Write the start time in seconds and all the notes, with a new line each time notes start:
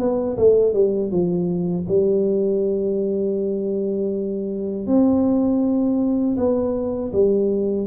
0.00 B3
0.38 A3
0.74 G3
1.11 F3
1.89 G3
4.87 C4
6.37 B3
7.13 G3